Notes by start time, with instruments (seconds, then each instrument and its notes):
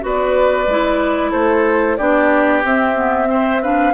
0.00 bassoon B3, clarinet F#4, oboe B4
0.06 flute D5
0.67 bassoon G#3, clarinet E4
1.31 bassoon A3, oboe A4, flute C5
1.96 bassoon B3, clarinet D4, oboe G4, flute D5
2.64 bassoon C4, clarinet C4, flute E5
2.95 clarinet B3
3.27 clarinet C4, oboe C5
3.62 clarinet D4, oboe B4, flute F5